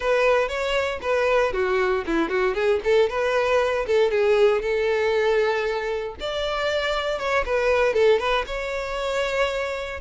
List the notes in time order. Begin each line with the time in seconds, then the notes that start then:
0.00 B4
0.48 C#5
1.01 B4
1.52 F#4
2.06 E4
2.29 F#4
2.54 G#4
2.83 A4
3.09 B4
3.86 A4
4.10 G#4
4.61 A4
6.20 D5
7.18 C#5
7.45 B4
7.93 A4
8.19 B4
8.46 C#5